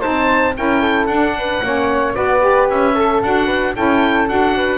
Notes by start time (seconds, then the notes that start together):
0.00 C4 D#4 C5 A5
0.55 C#4 E4 A#4 G5
0.81 A4
1.07 D4 F#5
1.38 B4
1.63 A#3 C#4 C#5
2.14 B3 F#4 B4 D5
2.39 G4
2.70 C#4 E5
2.95 A4
3.22 D4 F#4 F#5
3.46 B4
3.75 C#4 E4 A4 G5
4.28 D4 F#4 F#5
4.56 B4